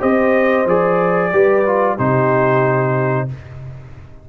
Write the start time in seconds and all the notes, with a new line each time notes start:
0.00 C4 G4 C5 D#5
0.65 F3 G#4 D5
1.32 G3 G4 B4
1.66 F4
1.95 C3 D#4 G4 C5